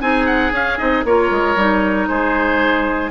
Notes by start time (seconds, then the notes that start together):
0.00 C4 D#4 G#4 G#5
0.26 F#5
0.52 C#4 F5
0.78 C4 D#4 D#5
1.04 A#3 F4 A#4 C#5
1.30 G#3
1.56 G3 D#4
2.08 G#3 G#4 C5